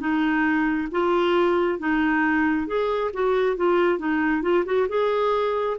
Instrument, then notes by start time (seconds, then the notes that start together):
clarinet
0.00 D#4
0.92 F4
1.79 D#4
2.68 G#4
3.14 F#4
3.57 F4
3.99 D#4
4.42 F4
4.66 F#4
4.89 G#4